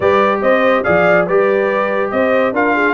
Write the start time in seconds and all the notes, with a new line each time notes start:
0.00 G3 G4 B4 D5
0.41 C4 C5 D#5
0.83 F3 G#4 D5 F5
1.26 G3 G4 B4 D5
2.10 C4 C5 D#5
2.52 D4 F4 A#4 F5
2.74 G#4